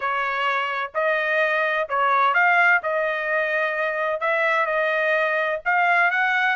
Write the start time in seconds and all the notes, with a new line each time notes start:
0.00 C#5
0.94 D#5
1.88 C#5
2.34 F5
2.83 D#5
4.20 E5
4.66 D#5
5.65 F5
6.10 F#5